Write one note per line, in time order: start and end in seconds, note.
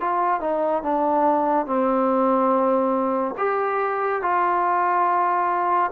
0.00 0.40 F4
0.40 0.82 D#4
0.82 1.66 D4
1.66 3.35 C4
3.37 4.22 G4
4.22 5.91 F4